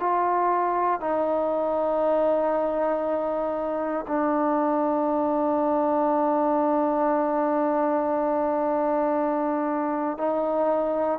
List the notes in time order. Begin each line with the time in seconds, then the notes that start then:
0.00 F4
1.01 D#4
4.08 D4
10.18 D#4